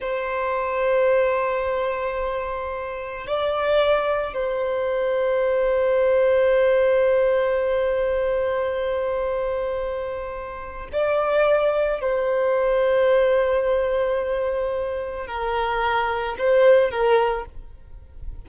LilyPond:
\new Staff \with { instrumentName = "violin" } { \time 4/4 \tempo 4 = 110 c''1~ | c''2 d''2 | c''1~ | c''1~ |
c''1 | d''2 c''2~ | c''1 | ais'2 c''4 ais'4 | }